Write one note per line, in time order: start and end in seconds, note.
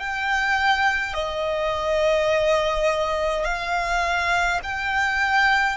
0.00 1.14 G5
1.14 3.45 D#5
3.45 4.60 F5
4.64 5.77 G5